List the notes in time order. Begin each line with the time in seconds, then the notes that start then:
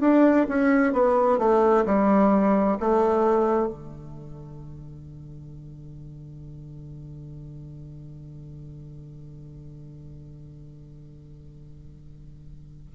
0.00 D4
0.48 C#4
0.92 B3
1.38 A3
1.85 G3
2.80 A3
3.68 D3